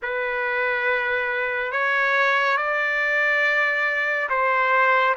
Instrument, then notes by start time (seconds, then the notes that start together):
trumpet
0.02 B4
1.71 C#5
2.57 D5
4.29 C5